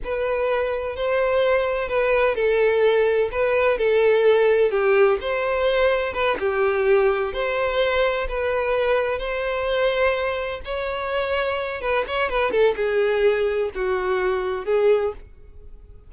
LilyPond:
\new Staff \with { instrumentName = "violin" } { \time 4/4 \tempo 4 = 127 b'2 c''2 | b'4 a'2 b'4 | a'2 g'4 c''4~ | c''4 b'8 g'2 c''8~ |
c''4. b'2 c''8~ | c''2~ c''8 cis''4.~ | cis''4 b'8 cis''8 b'8 a'8 gis'4~ | gis'4 fis'2 gis'4 | }